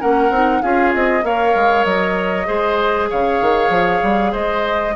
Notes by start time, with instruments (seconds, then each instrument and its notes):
0.00 bassoon A#3, clarinet C#4, oboe A#4, flute F#5
0.30 bassoon C4, clarinet D#4
0.62 bassoon C#4, clarinet F4, oboe G#4, flute F5
0.95 bassoon C4, flute D#5
1.23 bassoon A#3, clarinet A#4, oboe C#5, flute F5
1.55 bassoon G#3
1.84 bassoon F#3, flute D#5
2.46 bassoon G#3, clarinet G#4, oboe C5
3.10 bassoon C#3, oboe C#5, flute F5
3.41 bassoon D#3
3.69 bassoon F3
4.03 bassoon G3
4.32 bassoon G#3, oboe C5, flute D#5